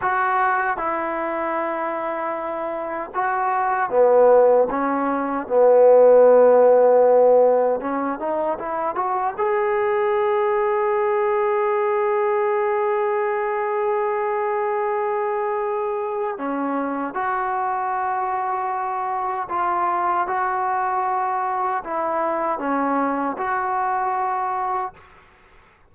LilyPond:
\new Staff \with { instrumentName = "trombone" } { \time 4/4 \tempo 4 = 77 fis'4 e'2. | fis'4 b4 cis'4 b4~ | b2 cis'8 dis'8 e'8 fis'8 | gis'1~ |
gis'1~ | gis'4 cis'4 fis'2~ | fis'4 f'4 fis'2 | e'4 cis'4 fis'2 | }